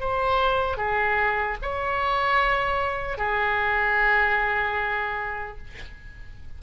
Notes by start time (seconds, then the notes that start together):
0.00 C5
0.77 G#4
1.62 C#5
3.17 G#4